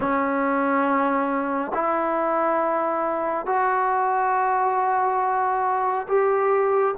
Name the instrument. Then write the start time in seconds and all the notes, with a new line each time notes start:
trombone
0.00 C#4
1.74 E4
3.46 F#4
6.08 G4